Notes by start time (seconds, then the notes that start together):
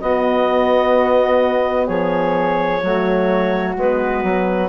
0.00 B3 F#4 D#5
1.86 F3 G#4 C#5
2.80 F#3 A3 F#4
3.77 G#3 B3 B4
4.23 F#3